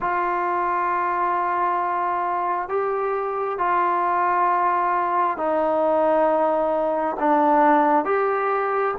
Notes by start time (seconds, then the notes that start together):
0.00 F4
2.68 G4
3.58 F4
5.37 D#4
7.19 D4
8.04 G4